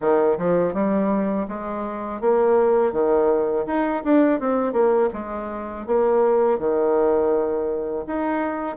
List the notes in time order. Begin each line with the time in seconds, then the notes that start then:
0.00 D#3
0.38 F3
0.73 G3
1.48 G#3
2.21 A#3
2.92 D#3
3.66 D#4
4.03 D4
4.40 C4
4.72 A#3
5.13 G#3
5.86 A#3
6.59 D#3
8.07 D#4